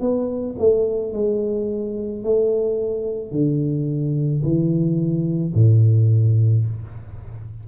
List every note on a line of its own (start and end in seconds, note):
0.00 0.56 B3
0.58 1.12 A3
1.12 2.23 G#3
2.23 3.31 A3
3.31 4.42 D3
4.42 5.54 E3
5.54 6.65 A2